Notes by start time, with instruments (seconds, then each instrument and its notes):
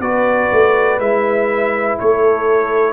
0.00 tuba B3, trombone F#4, horn B4, trumpet D5
0.52 tuba A3
0.99 tuba G#3, trombone E4, trumpet E5
1.99 tuba A3, horn A4, trumpet C#5